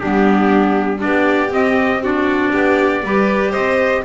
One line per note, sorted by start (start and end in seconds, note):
0.00 1.04 G3
0.00 0.98 B3
0.00 1.02 D4
0.00 1.01 G4
0.98 1.48 D4
0.98 1.51 D5
1.04 1.52 B3
1.04 2.03 G4
1.52 2.53 C4
1.52 2.03 C4
1.52 2.04 D#5
2.03 3.04 D4
2.03 2.52 F#4
2.03 3.53 D5
2.52 3.04 B3
2.52 3.03 G4
3.04 3.54 G3
3.04 4.05 G4
3.04 3.52 B4
3.52 4.05 C4
3.52 4.02 C5
3.52 4.04 D#5